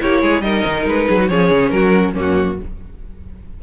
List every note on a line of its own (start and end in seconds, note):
0.00 0.22 A#3
0.00 0.43 E4
0.00 0.21 G4
0.00 0.41 C#5
0.21 0.41 G#3
0.21 0.42 G#4
0.41 0.63 G3
0.41 1.29 D#4
0.41 1.08 A#4
0.41 0.84 D#5
0.65 0.86 D#3
0.86 1.07 G#3
0.86 1.28 B4
1.08 1.30 F#3
1.08 1.19 G#4
1.21 1.30 F#4
1.28 1.50 F3
1.28 2.15 C#4
1.28 1.73 G#4
1.28 1.69 C#5
1.50 1.71 C#3
1.69 2.15 F#3
1.69 2.13 F#4
1.69 2.12 A#4
2.13 2.60 F#2
2.13 2.58 A#3
2.13 2.56 C#4
2.19 2.62 F#4